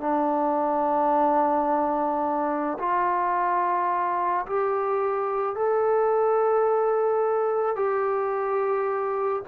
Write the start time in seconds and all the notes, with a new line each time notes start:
0.00 D4
2.79 F4
4.46 G4
5.56 A4
7.76 G4